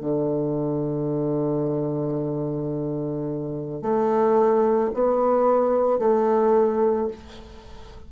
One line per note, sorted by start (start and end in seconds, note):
0.00 3.81 D3
3.81 4.90 A3
4.93 5.99 B3
5.99 7.08 A3